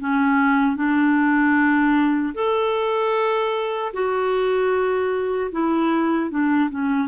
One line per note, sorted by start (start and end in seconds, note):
0.00 0.76 C#4
0.76 2.34 D4
2.35 3.93 A4
3.93 5.51 F#4
5.52 6.31 E4
6.31 6.70 D4
6.70 7.08 C#4